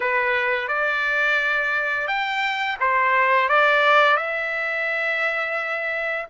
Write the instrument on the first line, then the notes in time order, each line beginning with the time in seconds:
trumpet
0.00 B4
0.68 D5
2.07 G5
2.80 C5
3.49 D5
4.17 E5